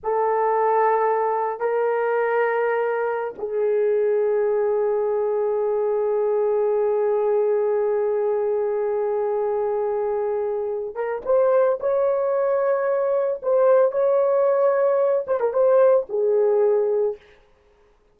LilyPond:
\new Staff \with { instrumentName = "horn" } { \time 4/4 \tempo 4 = 112 a'2. ais'4~ | ais'2~ ais'16 gis'4.~ gis'16~ | gis'1~ | gis'1~ |
gis'1~ | gis'8 ais'8 c''4 cis''2~ | cis''4 c''4 cis''2~ | cis''8 c''16 ais'16 c''4 gis'2 | }